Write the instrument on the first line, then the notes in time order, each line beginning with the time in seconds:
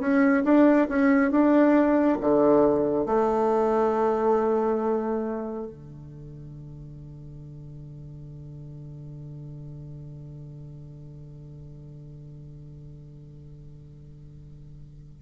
bassoon
0.00 C#4
0.44 D4
0.89 C#4
1.31 D4
2.21 D3
3.06 A3
5.67 D3